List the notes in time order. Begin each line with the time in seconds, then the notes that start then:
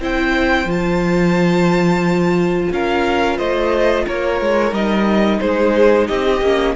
0.00 C4 E4 C5 G5
0.66 F3 F4 A5
2.72 C#4 A#4 F5
3.38 A3 C5 D#5
4.05 A#3 A#4 C#5
4.41 G#3
4.71 G3 D#4 D#5
5.40 G#3 G#4 C5
6.08 C4 G4 D#5
6.41 A#3 C#4